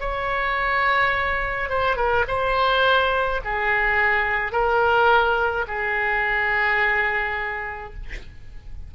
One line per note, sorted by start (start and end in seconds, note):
0.00 1.69 C#5
1.69 1.96 C5
1.96 2.24 A#4
2.27 3.41 C5
3.44 4.52 G#4
4.52 5.65 A#4
5.68 7.94 G#4